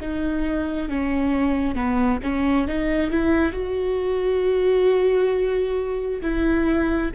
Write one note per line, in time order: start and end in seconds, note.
0.00 0.88 D#4
0.88 1.75 C#4
1.75 2.20 B3
2.22 2.67 C#4
2.67 3.10 D#4
3.10 3.52 E4
3.52 6.21 F#4
6.21 7.11 E4